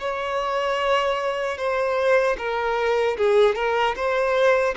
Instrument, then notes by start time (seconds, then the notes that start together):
violin
0.00 C#5
1.57 C5
2.38 A#4
3.17 G#4
3.55 A#4
3.96 C5